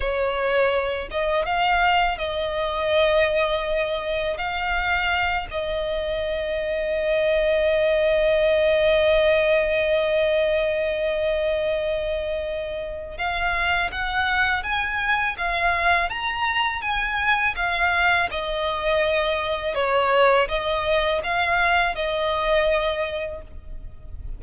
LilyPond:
\new Staff \with { instrumentName = "violin" } { \time 4/4 \tempo 4 = 82 cis''4. dis''8 f''4 dis''4~ | dis''2 f''4. dis''8~ | dis''1~ | dis''1~ |
dis''2 f''4 fis''4 | gis''4 f''4 ais''4 gis''4 | f''4 dis''2 cis''4 | dis''4 f''4 dis''2 | }